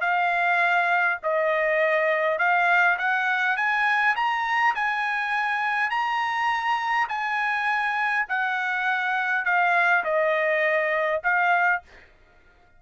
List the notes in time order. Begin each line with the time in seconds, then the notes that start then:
0.00 F5
1.23 D#5
2.38 F5
2.98 F#5
3.56 G#5
4.16 A#5
4.75 G#5
5.90 A#5
7.09 G#5
8.28 F#5
9.45 F5
10.04 D#5
11.23 F5